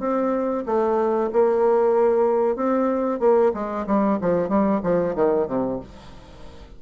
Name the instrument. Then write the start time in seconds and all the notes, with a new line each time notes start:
bassoon
0.00 C4
0.66 A3
1.33 A#3
2.56 C4
3.20 A#3
3.54 G#3
3.87 G3
4.22 F3
4.49 G3
4.84 F3
5.16 D#3
5.48 C3